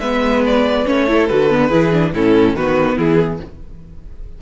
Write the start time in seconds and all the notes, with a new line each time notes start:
0.00 G#3 B3 B4 E5
0.47 D5
0.87 A3 C#4 C#5
1.06 E4 A4
1.27 D3 F#4 B4
1.50 B3
1.69 E3 E4 G#4
1.92 D4
2.13 A2 C#4 E4 A4
2.55 D#3 B3 F#4 B4
2.96 E3 E4 G#4